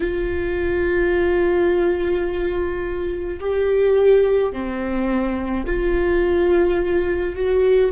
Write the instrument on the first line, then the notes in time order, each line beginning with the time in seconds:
viola
0.00 F4
3.40 G4
4.52 C4
5.66 F4
7.35 F#4